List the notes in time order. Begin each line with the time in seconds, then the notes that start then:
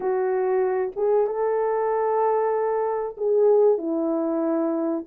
0.00 F#4
0.96 G#4
1.27 A4
3.17 G#4
3.78 E4